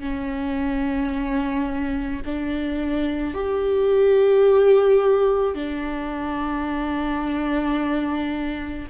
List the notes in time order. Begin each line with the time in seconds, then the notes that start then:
0.00 C#4
2.25 D4
3.34 G4
5.55 D4